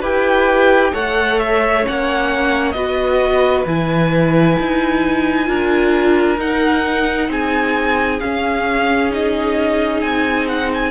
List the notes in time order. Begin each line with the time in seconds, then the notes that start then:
0.00 E4 G4 B4 G5
0.92 A3 A4 C#5 F#5
1.39 E5
1.82 C#4 F#5
1.88 A#3
2.71 B3 F#4 B4 D#5
3.66 E3 E4 G#5
4.59 D#4
5.45 D4 F4 A#4
6.37 D#4 F#5
7.28 C4 G#4 G#5
8.20 C#4 F5
9.10 D#4 D#5
10.01 C4 G#5
10.48 F#5
10.74 G#5